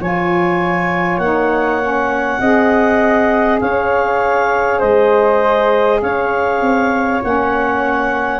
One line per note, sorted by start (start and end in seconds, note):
0.00 1.18 F3
0.00 1.21 F4
0.00 2.40 C#5
0.00 1.18 G#5
1.18 2.38 A#3
1.18 1.81 D#4
1.18 3.58 F#5
1.81 2.40 C#4
2.40 3.60 C4
2.40 7.20 G#4
2.40 3.60 D#5
3.60 4.81 C#4
3.60 4.79 C#5
3.60 4.79 F5
4.79 6.02 G#3
4.79 5.99 C5
4.79 6.00 D#5
6.02 6.61 C#4
6.02 8.40 C#5
6.02 7.21 F5
6.61 7.21 C4
7.22 8.40 A#3
7.22 8.40 C#4
7.22 8.40 F#5